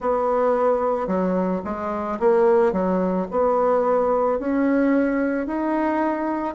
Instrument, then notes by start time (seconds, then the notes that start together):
bassoon
0.00 B3
1.07 F#3
1.64 G#3
2.19 A#3
2.72 F#3
3.30 B3
4.39 C#4
5.46 D#4